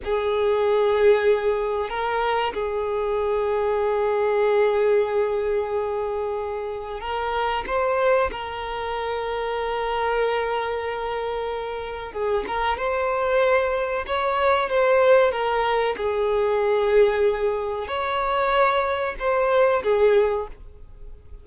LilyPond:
\new Staff \with { instrumentName = "violin" } { \time 4/4 \tempo 4 = 94 gis'2. ais'4 | gis'1~ | gis'2. ais'4 | c''4 ais'2.~ |
ais'2. gis'8 ais'8 | c''2 cis''4 c''4 | ais'4 gis'2. | cis''2 c''4 gis'4 | }